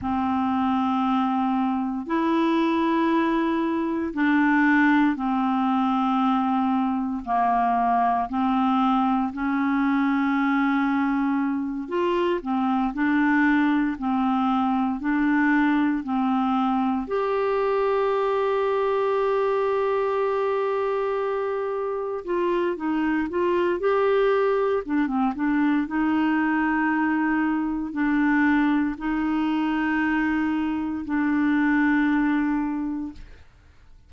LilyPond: \new Staff \with { instrumentName = "clarinet" } { \time 4/4 \tempo 4 = 58 c'2 e'2 | d'4 c'2 ais4 | c'4 cis'2~ cis'8 f'8 | c'8 d'4 c'4 d'4 c'8~ |
c'8 g'2.~ g'8~ | g'4. f'8 dis'8 f'8 g'4 | d'16 c'16 d'8 dis'2 d'4 | dis'2 d'2 | }